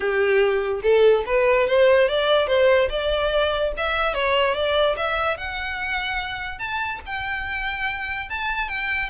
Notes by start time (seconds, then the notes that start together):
0.00 G4
0.83 A4
1.25 B4
1.67 C5
2.08 D5
2.47 C5
2.89 D5
3.77 E5
4.13 C#5
4.54 D5
4.97 E5
5.37 F#5
6.58 A5
7.06 G5
8.29 A5
8.68 G5